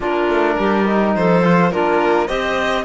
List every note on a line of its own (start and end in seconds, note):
0.00 0.27 A#3
0.00 0.86 D4
0.00 0.54 F4
0.00 1.15 A#4
0.27 0.56 A3
0.59 1.15 G3
0.59 1.16 G4
0.86 1.43 D#4
1.15 1.72 F3
1.15 1.72 A4
1.15 1.71 C5
1.43 1.72 F4
1.71 2.29 A#3
1.71 2.28 D4
1.71 2.26 F4
1.71 2.27 A#4
2.26 2.85 C4
2.26 2.85 G4
2.26 2.83 C5
2.26 2.84 D#5